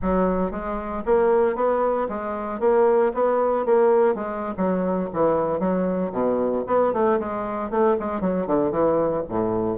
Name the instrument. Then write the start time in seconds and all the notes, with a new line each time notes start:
bassoon
0.02 F#3
0.51 G#3
1.05 A#3
1.55 B3
2.08 G#3
2.60 A#3
3.14 B3
3.65 A#3
4.15 G#3
4.57 F#3
5.13 E3
5.59 F#3
6.12 B2
6.66 B3
6.92 A3
7.19 G#3
7.70 A3
7.99 G#3
8.20 F#3
8.46 D3
8.71 E3
9.28 A2